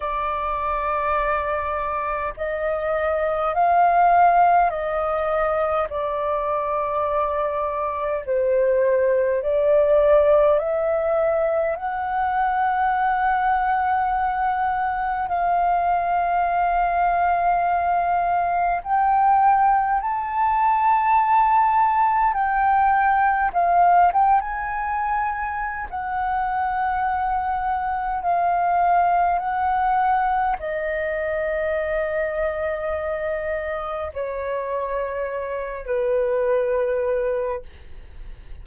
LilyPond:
\new Staff \with { instrumentName = "flute" } { \time 4/4 \tempo 4 = 51 d''2 dis''4 f''4 | dis''4 d''2 c''4 | d''4 e''4 fis''2~ | fis''4 f''2. |
g''4 a''2 g''4 | f''8 g''16 gis''4~ gis''16 fis''2 | f''4 fis''4 dis''2~ | dis''4 cis''4. b'4. | }